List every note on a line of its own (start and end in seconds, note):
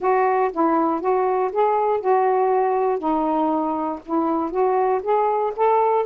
0.00 0.51 F#4
0.52 1.00 E4
1.00 1.51 F#4
1.52 2.00 G#4
2.00 2.98 F#4
2.98 3.99 D#4
4.05 4.50 E4
4.50 5.01 F#4
5.02 5.53 G#4
5.56 6.06 A4